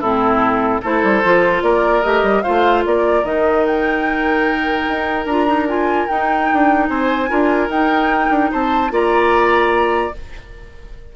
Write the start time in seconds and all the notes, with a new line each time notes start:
0.00 A2 C4 E4 A4
0.82 A3 E4 A4 C5
1.03 G3
1.23 F3 F4
1.62 A#3 A#4 D5
2.02 A3 G4 D#5
2.22 G3
2.42 A3 F4 C5 F5
2.85 A#3 A#4 D5
3.23 D#3 D#4 D#5
3.66 G5
4.88 D#4
5.25 D4 F4 A#5
5.47 D#4
5.67 F4 G#5
6.07 D#4 G5
6.53 D4
6.88 C4 C5 G#5
7.28 D4 F4 A#4
7.68 D#4 G5
8.29 D4
8.51 C4 C5 A5
8.90 A#3 F4 D5 A#5